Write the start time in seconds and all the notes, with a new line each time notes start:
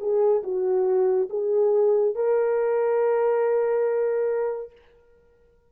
0.00 G#4
0.43 F#4
1.30 G#4
2.15 A#4